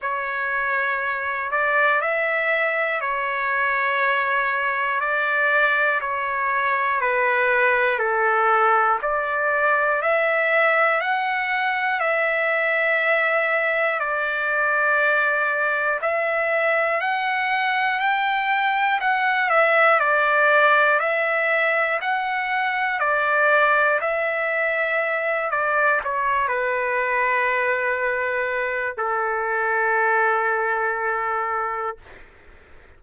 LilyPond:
\new Staff \with { instrumentName = "trumpet" } { \time 4/4 \tempo 4 = 60 cis''4. d''8 e''4 cis''4~ | cis''4 d''4 cis''4 b'4 | a'4 d''4 e''4 fis''4 | e''2 d''2 |
e''4 fis''4 g''4 fis''8 e''8 | d''4 e''4 fis''4 d''4 | e''4. d''8 cis''8 b'4.~ | b'4 a'2. | }